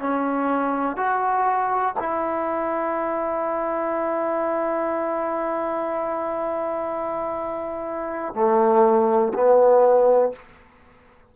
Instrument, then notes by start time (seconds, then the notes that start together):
trombone
0.00 C#4
0.97 F#4
1.99 E4
8.35 A3
9.34 B3